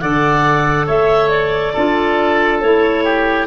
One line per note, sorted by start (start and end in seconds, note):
0.00 0.88 D3
0.00 1.75 A4
0.00 0.86 D5
0.00 0.87 F#5
0.86 1.75 A3
0.86 1.73 C#5
0.86 1.30 E5
1.30 2.60 D5
1.73 2.62 D4
1.73 2.63 F4
1.73 3.04 A4
2.61 3.47 A3
2.61 3.47 E4
2.61 3.47 C#5
3.04 3.47 G4